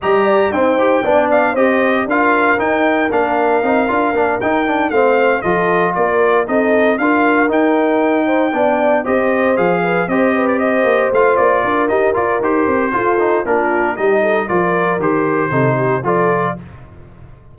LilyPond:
<<
  \new Staff \with { instrumentName = "trumpet" } { \time 4/4 \tempo 4 = 116 ais''4 g''4. f''8 dis''4 | f''4 g''4 f''2~ | f''8 g''4 f''4 dis''4 d''8~ | d''8 dis''4 f''4 g''4.~ |
g''4. dis''4 f''4 dis''8~ | dis''16 d''16 dis''4 f''8 d''4 dis''8 d''8 | c''2 ais'4 dis''4 | d''4 c''2 d''4 | }
  \new Staff \with { instrumentName = "horn" } { \time 4/4 dis''8 d''8 c''4 d''4 c''4 | ais'1~ | ais'4. c''4 a'4 ais'8~ | ais'8 a'4 ais'2~ ais'8 |
c''8 d''4 c''4. b'8 c''8 | b'8 c''2 ais'4.~ | ais'4 a'4 f'4 g'8 a'8 | ais'2 a'8 g'8 a'4 | }
  \new Staff \with { instrumentName = "trombone" } { \time 4/4 g'4 c'8 g'8 d'4 g'4 | f'4 dis'4 d'4 dis'8 f'8 | d'8 dis'8 d'8 c'4 f'4.~ | f'8 dis'4 f'4 dis'4.~ |
dis'8 d'4 g'4 gis'4 g'8~ | g'4. f'4. dis'8 f'8 | g'4 f'8 dis'8 d'4 dis'4 | f'4 g'4 dis'4 f'4 | }
  \new Staff \with { instrumentName = "tuba" } { \time 4/4 g4 dis'4 b4 c'4 | d'4 dis'4 ais4 c'8 d'8 | ais8 dis'4 a4 f4 ais8~ | ais8 c'4 d'4 dis'4.~ |
dis'8 b4 c'4 f4 c'8~ | c'4 ais8 a8 ais8 d'8 g'8 f'8 | dis'8 c'8 f'4 ais4 g4 | f4 dis4 c4 f4 | }
>>